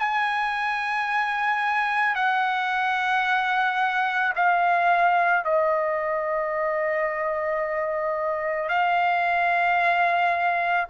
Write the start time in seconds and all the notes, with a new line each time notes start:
0.00 G#5
2.16 F#5
4.36 F5
5.45 D#5
8.69 F5